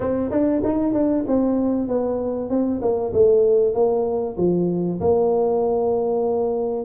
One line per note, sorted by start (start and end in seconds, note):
0.00 0.30 C4
0.30 0.62 D4
0.64 0.93 D#4
0.93 1.24 D4
1.27 1.88 C4
1.88 2.49 B3
2.49 2.81 C4
2.81 3.12 A#3
3.12 3.73 A3
3.73 4.36 A#3
4.37 4.99 F3
5.00 6.84 A#3